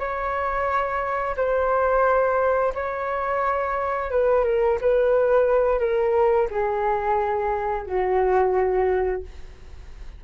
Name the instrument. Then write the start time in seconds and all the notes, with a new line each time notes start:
flute
0.00 C#5
1.37 C5
2.75 C#5
4.11 B4
4.45 A#4
4.81 B4
5.80 A#4
6.51 G#4
7.87 F#4